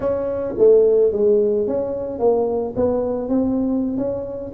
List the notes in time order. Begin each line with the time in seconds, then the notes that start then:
0.00 C#4
0.58 A3
1.12 G#3
1.67 C#4
2.19 A#3
2.75 B3
3.28 C4
3.97 C#4